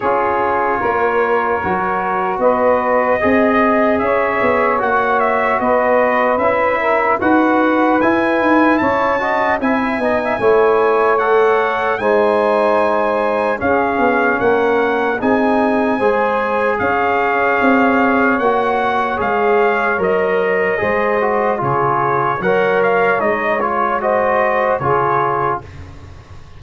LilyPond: <<
  \new Staff \with { instrumentName = "trumpet" } { \time 4/4 \tempo 4 = 75 cis''2. dis''4~ | dis''4 e''4 fis''8 e''8 dis''4 | e''4 fis''4 gis''4 a''4 | gis''2 fis''4 gis''4~ |
gis''4 f''4 fis''4 gis''4~ | gis''4 f''2 fis''4 | f''4 dis''2 cis''4 | fis''8 f''8 dis''8 cis''8 dis''4 cis''4 | }
  \new Staff \with { instrumentName = "saxophone" } { \time 4/4 gis'4 ais'2 b'4 | dis''4 cis''2 b'4~ | b'8 ais'8 b'2 cis''8 dis''8 | e''8 dis''16 e''16 cis''2 c''4~ |
c''4 gis'4 ais'4 gis'4 | c''4 cis''2.~ | cis''2 c''4 gis'4 | cis''2 c''4 gis'4 | }
  \new Staff \with { instrumentName = "trombone" } { \time 4/4 f'2 fis'2 | gis'2 fis'2 | e'4 fis'4 e'4. fis'8 | e'8 dis'8 e'4 a'4 dis'4~ |
dis'4 cis'2 dis'4 | gis'2. fis'4 | gis'4 ais'4 gis'8 fis'8 f'4 | ais'4 dis'8 f'8 fis'4 f'4 | }
  \new Staff \with { instrumentName = "tuba" } { \time 4/4 cis'4 ais4 fis4 b4 | c'4 cis'8 b8 ais4 b4 | cis'4 dis'4 e'8 dis'8 cis'4 | c'8 b8 a2 gis4~ |
gis4 cis'8 b8 ais4 c'4 | gis4 cis'4 c'4 ais4 | gis4 fis4 gis4 cis4 | fis4 gis2 cis4 | }
>>